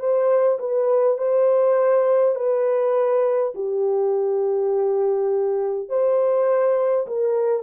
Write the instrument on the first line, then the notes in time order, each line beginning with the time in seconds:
horn
0.00 C5
0.59 B4
1.18 C5
2.36 B4
3.55 G4
5.89 C5
7.07 A#4